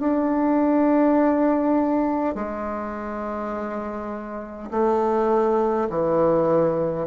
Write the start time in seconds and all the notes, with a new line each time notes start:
0.00 D4
2.35 G#3
4.71 A3
5.90 E3